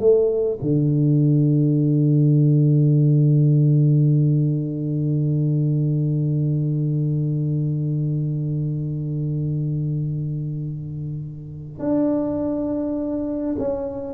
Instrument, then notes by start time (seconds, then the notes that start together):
tuba
0.00 A3
0.62 D3
11.80 D4
13.59 C#4